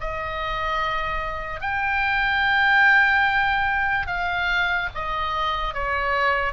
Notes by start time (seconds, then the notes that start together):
0.00 D#5
1.60 G5
4.06 F5
4.94 D#5
5.73 C#5